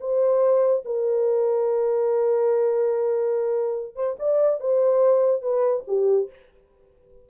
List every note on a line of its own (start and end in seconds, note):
0.00 0.83 C5
0.85 3.95 A#4
3.95 4.16 C5
4.19 4.60 D5
4.60 5.41 C5
5.41 5.83 B4
5.87 6.29 G4